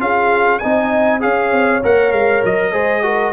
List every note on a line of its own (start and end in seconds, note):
0.00 0.61 C#4
0.00 0.61 F4
0.00 0.61 G#4
0.00 0.59 F5
0.59 1.25 C4
0.59 1.20 D#4
0.59 1.21 D#5
0.59 1.20 G#5
1.20 1.52 C#4
1.20 1.81 G#4
1.20 2.72 C#5
1.20 1.83 F5
1.52 1.83 C4
1.84 2.12 A#3
1.84 2.73 A#4
1.84 2.12 F#5
2.12 2.42 G#3
2.12 2.43 F5
2.44 2.74 F#3
2.44 3.34 D#5
2.72 3.34 G#3
2.72 3.03 G#4
2.72 3.03 C5
3.03 3.33 F#4
3.03 3.34 A#4